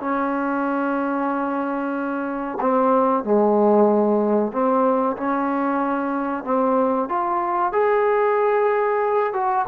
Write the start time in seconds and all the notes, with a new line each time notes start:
0.00 C#4
2.60 C4
3.23 G#3
4.51 C4
5.16 C#4
6.44 C4
7.09 F4
7.72 G#4
9.33 F#4